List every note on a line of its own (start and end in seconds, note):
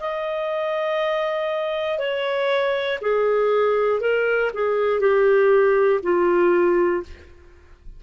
0.00 1.99 D#5
1.99 2.99 C#5
3.02 4.01 G#4
4.01 4.51 A#4
4.54 5.01 G#4
5.01 6.01 G4
6.03 7.03 F4